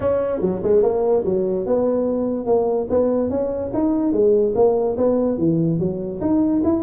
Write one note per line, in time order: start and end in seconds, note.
0.00 0.40 C#4
0.40 0.61 F#3
0.63 0.82 G#3
0.82 1.23 A#3
1.25 1.66 F#3
1.66 2.46 B3
2.46 2.87 A#3
2.90 3.30 B3
3.30 3.71 C#4
3.73 4.12 D#4
4.12 4.53 G#3
4.55 4.96 A#3
4.97 5.37 B3
5.37 5.79 E3
5.79 6.20 F#3
6.20 6.62 D#4
6.64 6.83 E4